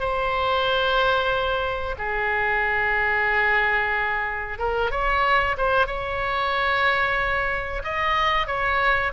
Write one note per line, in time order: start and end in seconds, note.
0.00 1.96 C5
1.98 4.59 G#4
4.59 4.91 A#4
4.91 5.56 C#5
5.58 5.87 C5
5.87 7.83 C#5
7.84 8.47 D#5
8.47 9.12 C#5